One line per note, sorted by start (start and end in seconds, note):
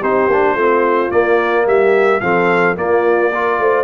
0.00 0.27 C4
0.00 0.30 D#4
0.00 0.55 G4
0.00 1.12 C5
0.27 0.55 A#3
0.27 0.59 D4
0.55 1.10 A3
0.55 1.11 C4
0.55 1.65 F4
1.11 2.21 A#3
1.11 1.67 A#3
1.11 1.67 D5
1.67 2.22 G3
1.67 2.22 G4
1.67 2.21 E5
2.21 2.77 F3
2.21 2.76 C4
2.21 2.78 A4
2.21 2.76 F5
2.76 3.32 A#3
2.76 3.59 A#3
2.76 3.33 F4
2.76 3.85 D5
3.33 3.85 F4
3.33 3.61 A#4
3.59 3.85 A3
3.59 3.85 C5